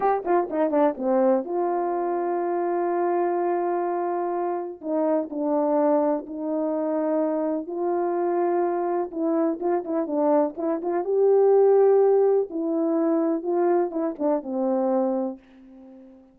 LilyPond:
\new Staff \with { instrumentName = "horn" } { \time 4/4 \tempo 4 = 125 g'8 f'8 dis'8 d'8 c'4 f'4~ | f'1~ | f'2 dis'4 d'4~ | d'4 dis'2. |
f'2. e'4 | f'8 e'8 d'4 e'8 f'8 g'4~ | g'2 e'2 | f'4 e'8 d'8 c'2 | }